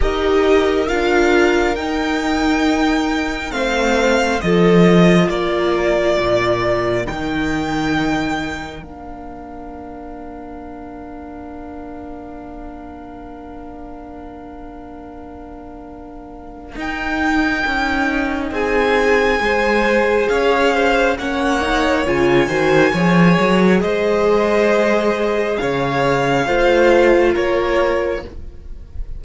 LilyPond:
<<
  \new Staff \with { instrumentName = "violin" } { \time 4/4 \tempo 4 = 68 dis''4 f''4 g''2 | f''4 dis''4 d''2 | g''2 f''2~ | f''1~ |
f''2. g''4~ | g''4 gis''2 f''4 | fis''4 gis''2 dis''4~ | dis''4 f''2 cis''4 | }
  \new Staff \with { instrumentName = "violin" } { \time 4/4 ais'1 | c''4 a'4 ais'2~ | ais'1~ | ais'1~ |
ais'1~ | ais'4 gis'4 c''4 cis''8 c''8 | cis''4. c''8 cis''4 c''4~ | c''4 cis''4 c''4 ais'4 | }
  \new Staff \with { instrumentName = "viola" } { \time 4/4 g'4 f'4 dis'2 | c'4 f'2. | dis'2 d'2~ | d'1~ |
d'2. dis'4~ | dis'2 gis'2 | cis'8 dis'8 f'8 fis'8 gis'2~ | gis'2 f'2 | }
  \new Staff \with { instrumentName = "cello" } { \time 4/4 dis'4 d'4 dis'2 | a4 f4 ais4 ais,4 | dis2 ais2~ | ais1~ |
ais2. dis'4 | cis'4 c'4 gis4 cis'4 | ais4 cis8 dis8 f8 fis8 gis4~ | gis4 cis4 a4 ais4 | }
>>